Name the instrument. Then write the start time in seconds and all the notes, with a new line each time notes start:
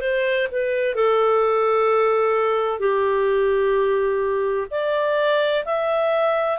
clarinet
0.00 C5
0.51 B4
0.95 A4
2.79 G4
4.70 D5
5.65 E5